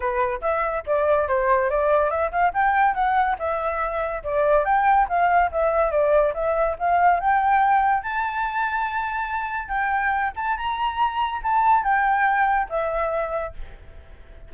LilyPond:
\new Staff \with { instrumentName = "flute" } { \time 4/4 \tempo 4 = 142 b'4 e''4 d''4 c''4 | d''4 e''8 f''8 g''4 fis''4 | e''2 d''4 g''4 | f''4 e''4 d''4 e''4 |
f''4 g''2 a''4~ | a''2. g''4~ | g''8 a''8 ais''2 a''4 | g''2 e''2 | }